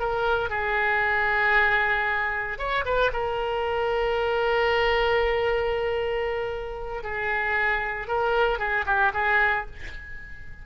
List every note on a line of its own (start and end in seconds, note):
0.00 0.50 A#4
0.50 2.59 G#4
2.59 2.85 C#5
2.86 3.12 B4
3.13 7.04 A#4
7.04 8.08 G#4
8.08 8.59 A#4
8.59 8.85 G#4
8.86 9.13 G4
9.14 9.66 G#4